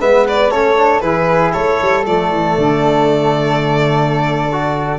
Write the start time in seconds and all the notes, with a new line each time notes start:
0.00 G#3 B3 B4 E5
0.28 D5
0.51 A3 C#4 A4 C#5
0.76 D4
1.01 E3 E4 G#4 B4
1.53 A3 A4 C#5
1.82 G3
2.05 F3 A3 D5
2.31 E3
2.58 D3
4.52 F#4